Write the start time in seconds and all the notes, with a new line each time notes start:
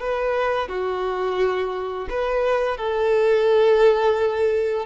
0.00 B4
0.68 F#4
2.10 B4
2.78 A4